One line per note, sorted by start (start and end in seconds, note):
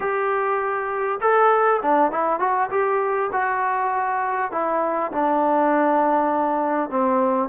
0.00 1.19 G4
1.21 1.81 A4
1.81 2.11 D4
2.11 2.39 E4
2.39 2.69 F#4
2.70 3.30 G4
3.32 4.51 F#4
4.51 5.11 E4
5.12 6.90 D4
6.90 7.49 C4